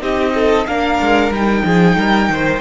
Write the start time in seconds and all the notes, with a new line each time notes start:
0.00 C4 D#4 G4 D#5
0.34 A4
0.67 A#3 D4 A#4 F5
1.01 G#3
1.30 G3 D#4 G5
1.65 F3 G#4
1.98 G3 A#4
2.29 D#3 C5